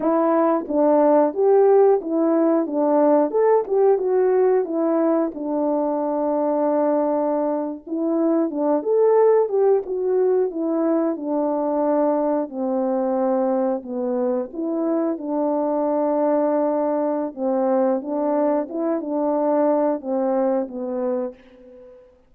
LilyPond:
\new Staff \with { instrumentName = "horn" } { \time 4/4 \tempo 4 = 90 e'4 d'4 g'4 e'4 | d'4 a'8 g'8 fis'4 e'4 | d'2.~ d'8. e'16~ | e'8. d'8 a'4 g'8 fis'4 e'16~ |
e'8. d'2 c'4~ c'16~ | c'8. b4 e'4 d'4~ d'16~ | d'2 c'4 d'4 | e'8 d'4. c'4 b4 | }